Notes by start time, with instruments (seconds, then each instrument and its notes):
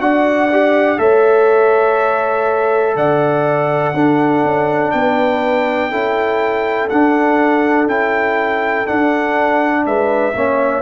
0.00 tuba D4, trombone F#4, horn D5, trumpet F#5
0.52 trombone G4
0.99 tuba A3, trombone A4, horn C#5, trumpet E5
2.96 tuba D3, horn D5, trumpet F#5
3.94 tuba D4, trombone D4, horn A4
4.44 tuba C#4
4.92 tuba B3, horn B4, trumpet G5
5.91 tuba C#4, trombone E4, horn A4
6.90 tuba D4, trombone D4, trumpet F#5
7.87 tuba C#4, trombone E4, trumpet G5
8.86 trombone D4, tuba D4, trumpet F#5
9.86 tuba G#3, horn B4, trumpet E5
10.34 tuba A#3, trombone C#4, horn C#5